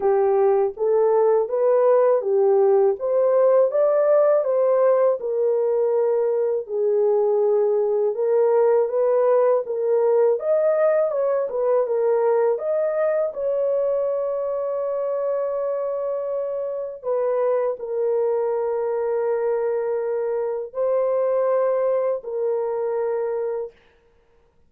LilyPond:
\new Staff \with { instrumentName = "horn" } { \time 4/4 \tempo 4 = 81 g'4 a'4 b'4 g'4 | c''4 d''4 c''4 ais'4~ | ais'4 gis'2 ais'4 | b'4 ais'4 dis''4 cis''8 b'8 |
ais'4 dis''4 cis''2~ | cis''2. b'4 | ais'1 | c''2 ais'2 | }